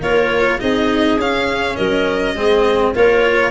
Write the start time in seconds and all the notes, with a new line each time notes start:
0.00 A#3 F4 A#4 C#5
0.59 C4 D#4 G#4 D#5
1.16 C#4 F5
1.75 F#3 A#4 D#5
2.34 G#3 C4 G#4
2.94 A#3 F4 A#4 C#5